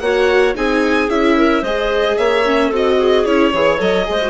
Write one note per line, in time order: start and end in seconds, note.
0.00 0.55 A#3
0.00 0.55 F#4
0.00 0.57 C#5
0.00 0.54 F#5
0.55 1.09 C4
0.55 1.09 D#4
0.55 1.37 G#4
0.55 1.10 G#5
1.09 1.62 C#4
1.09 1.63 E4
1.09 1.64 E5
1.37 1.62 A#4
1.62 2.16 G#3
1.62 2.45 G#4
1.62 2.16 C5
1.62 2.18 D#5
2.18 2.71 A#3
2.18 2.68 C#5
2.18 2.72 E5
2.45 2.72 C#4
2.68 3.25 C4
2.68 3.26 F#4
2.68 2.95 A4
2.76 3.25 D#5
2.98 3.51 G#4
3.25 3.53 C#4
3.25 3.53 E4
3.25 3.80 C#5
3.51 3.80 E3
3.51 3.79 G#4
3.51 4.05 C#5
3.79 4.07 F#3
3.79 4.05 A4
3.79 4.30 D#5
4.05 4.30 G#3
4.05 4.18 G#4
4.11 4.30 C5
4.22 4.30 F#4